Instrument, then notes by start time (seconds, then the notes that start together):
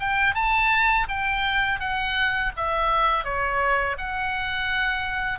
oboe
0.00 G5
0.35 A5
1.08 G5
1.80 F#5
2.57 E5
3.24 C#5
3.98 F#5